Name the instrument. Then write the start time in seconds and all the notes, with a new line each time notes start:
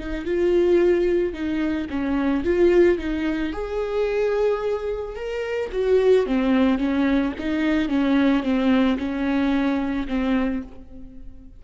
viola
0.00 D#4
0.26 F4
1.34 D#4
1.90 C#4
2.45 F4
2.99 D#4
3.53 G#4
5.16 A#4
5.73 F#4
6.27 C4
6.79 C#4
7.39 D#4
7.89 C#4
8.43 C4
8.99 C#4
10.08 C4